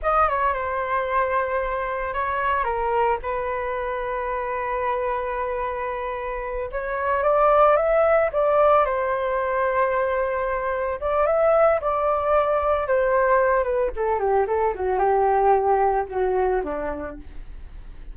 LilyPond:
\new Staff \with { instrumentName = "flute" } { \time 4/4 \tempo 4 = 112 dis''8 cis''8 c''2. | cis''4 ais'4 b'2~ | b'1~ | b'8 cis''4 d''4 e''4 d''8~ |
d''8 c''2.~ c''8~ | c''8 d''8 e''4 d''2 | c''4. b'8 a'8 g'8 a'8 fis'8 | g'2 fis'4 d'4 | }